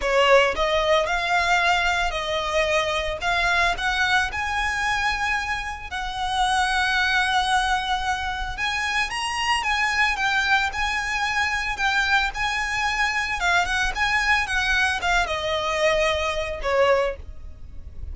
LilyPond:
\new Staff \with { instrumentName = "violin" } { \time 4/4 \tempo 4 = 112 cis''4 dis''4 f''2 | dis''2 f''4 fis''4 | gis''2. fis''4~ | fis''1 |
gis''4 ais''4 gis''4 g''4 | gis''2 g''4 gis''4~ | gis''4 f''8 fis''8 gis''4 fis''4 | f''8 dis''2~ dis''8 cis''4 | }